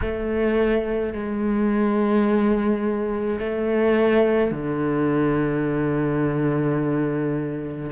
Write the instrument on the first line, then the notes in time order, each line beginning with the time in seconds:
cello
0.01 A3
1.13 G#3
3.40 A3
4.51 D3